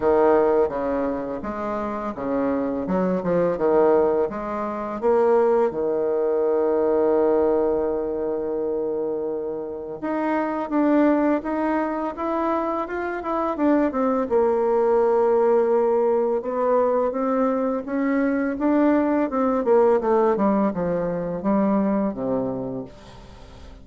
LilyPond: \new Staff \with { instrumentName = "bassoon" } { \time 4/4 \tempo 4 = 84 dis4 cis4 gis4 cis4 | fis8 f8 dis4 gis4 ais4 | dis1~ | dis2 dis'4 d'4 |
dis'4 e'4 f'8 e'8 d'8 c'8 | ais2. b4 | c'4 cis'4 d'4 c'8 ais8 | a8 g8 f4 g4 c4 | }